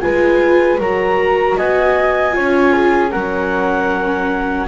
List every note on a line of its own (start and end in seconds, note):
0.00 0.78 G#3
0.00 0.78 F4
0.00 0.79 B4
0.00 0.78 G#5
0.78 1.56 F#3
0.78 2.31 F#4
0.78 1.57 A#4
0.78 1.57 A#5
1.57 2.35 B3
1.57 2.35 D#5
1.57 3.11 G#5
2.31 3.13 C#4
2.31 3.08 F4
2.31 2.73 C#5
2.73 3.10 G#4
3.10 4.67 F#3
3.10 4.67 C#4
3.10 4.66 A#4
3.10 4.67 F#5